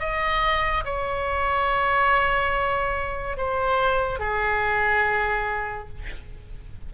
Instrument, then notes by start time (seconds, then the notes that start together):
oboe
0.00 D#5
0.85 C#5
3.38 C5
4.20 G#4